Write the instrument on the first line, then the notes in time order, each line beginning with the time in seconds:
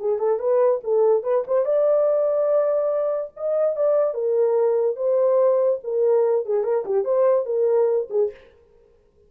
horn
0.00 G#4
0.19 A4
0.40 B4
0.84 A4
1.23 B4
1.47 C5
1.65 D5
3.37 D#5
3.76 D5
4.14 A#4
4.96 C5
5.84 A#4
6.46 G#4
6.64 A#4
6.86 G4
7.05 C5
7.46 A#4
8.10 G#4